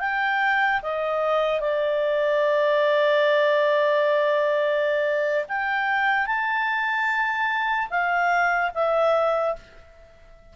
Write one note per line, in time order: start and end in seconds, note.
0.00 0.81 G5
0.83 1.61 D#5
1.61 5.46 D5
5.49 6.27 G5
6.27 7.89 A5
7.91 8.72 F5
8.75 9.56 E5